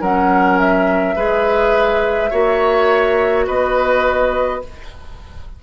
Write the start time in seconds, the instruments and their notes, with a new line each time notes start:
0.00 bassoon F#3, clarinet C#4, oboe A#4, flute F#5
0.58 flute E5
1.15 bassoon G#3, clarinet G#4, oboe B4
2.30 bassoon A#3, clarinet F#4, oboe C#5
3.46 bassoon B3, oboe B4, flute D#5